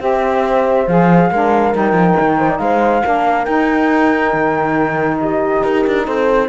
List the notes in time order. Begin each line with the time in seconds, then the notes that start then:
0.00 C4 G4 C5 E5
0.87 F3 G#4 F5
1.31 G#3 D4 A#4
1.73 G3 D#4 G5
1.93 F3
2.20 D#3
2.39 C5
2.49 D5
2.59 G#3 C5 F5
3.04 A#3 D4 A#4
3.45 D#4 G5
4.34 D#3
5.20 G4 D#5
5.63 D#4 A#4
5.87 D4
6.06 C4 A4 C5